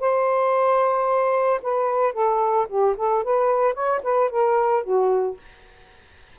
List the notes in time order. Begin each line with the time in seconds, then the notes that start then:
0.00 C5
1.63 B4
2.13 A4
2.69 G4
2.97 A4
3.24 B4
3.74 C#5
4.03 B4
4.30 A#4
4.84 F#4